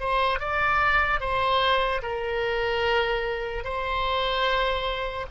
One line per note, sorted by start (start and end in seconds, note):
0.00 0.40 C5
0.40 1.21 D5
1.21 2.02 C5
2.03 3.64 A#4
3.64 5.27 C5